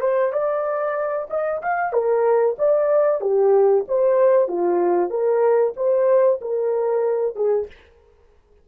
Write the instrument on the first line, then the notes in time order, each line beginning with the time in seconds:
horn
0.00 C5
0.32 D5
1.29 D#5
1.62 F5
1.92 A#4
2.58 D5
3.21 G4
3.88 C5
4.47 F4
5.10 A#4
5.76 C5
6.41 A#4
7.35 G#4